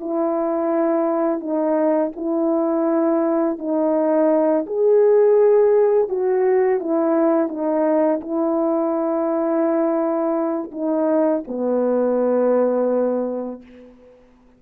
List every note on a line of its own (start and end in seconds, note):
0.00 1.40 E4
1.40 2.11 D#4
2.16 3.58 E4
3.58 4.66 D#4
4.67 6.09 G#4
6.09 6.80 F#4
6.80 7.49 E4
7.49 8.20 D#4
8.21 10.71 E4
10.72 11.43 D#4
11.47 13.62 B3